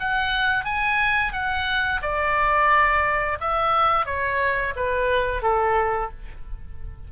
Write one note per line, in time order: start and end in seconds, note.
0.00 0.65 F#5
0.65 1.33 G#5
1.33 2.01 F#5
2.02 3.38 D5
3.41 4.06 E5
4.06 4.74 C#5
4.76 5.43 B4
5.43 6.11 A4